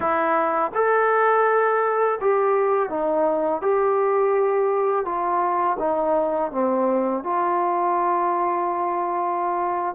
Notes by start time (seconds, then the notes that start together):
0.00 E4
0.74 A4
2.20 G4
2.89 D#4
3.61 G4
5.05 F4
5.79 D#4
6.51 C4
7.23 F4